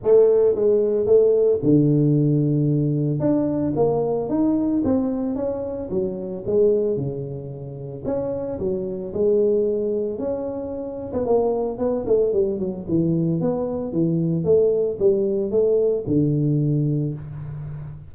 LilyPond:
\new Staff \with { instrumentName = "tuba" } { \time 4/4 \tempo 4 = 112 a4 gis4 a4 d4~ | d2 d'4 ais4 | dis'4 c'4 cis'4 fis4 | gis4 cis2 cis'4 |
fis4 gis2 cis'4~ | cis'8. b16 ais4 b8 a8 g8 fis8 | e4 b4 e4 a4 | g4 a4 d2 | }